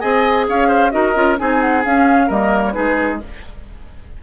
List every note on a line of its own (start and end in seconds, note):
0.00 0.48 C4
0.00 0.91 G#4
0.00 0.46 D#5
0.00 0.45 G#5
0.48 0.94 C#4
0.48 0.68 C#5
0.48 0.91 F5
0.68 0.91 C5
0.91 1.16 D#4
0.91 1.14 F#4
0.91 1.39 A#4
0.91 1.37 D#5
1.15 1.39 C#4
1.15 1.37 F4
1.38 1.85 C4
1.38 1.84 D#4
1.38 2.27 G#4
1.38 1.61 G#5
1.61 1.83 F#5
1.85 2.30 C#4
1.85 2.30 F5
2.27 2.75 G3
2.27 2.73 A#3
2.27 2.73 A#4
2.27 2.64 D#5
2.66 2.73 C#5
2.73 3.23 G#3
2.73 3.19 D#4
2.73 3.20 G#4
2.73 3.18 B4